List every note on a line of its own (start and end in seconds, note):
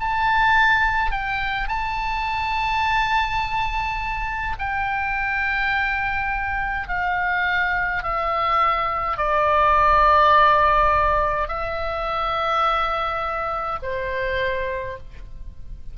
0.00 1.11 A5
1.11 1.68 G5
1.68 4.57 A5
4.59 6.88 G5
6.88 8.03 F5
8.03 9.17 E5
9.17 11.48 D5
11.48 13.79 E5
13.83 14.98 C5